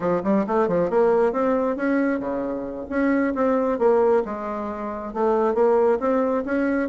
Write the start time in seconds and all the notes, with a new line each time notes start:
0.00 F3
0.23 G3
0.46 A3
0.68 F3
0.90 A#3
1.32 C4
1.76 C#4
2.19 C#3
2.89 C#4
3.34 C4
3.79 A#3
4.25 G#3
5.13 A3
5.54 A#3
5.99 C4
6.45 C#4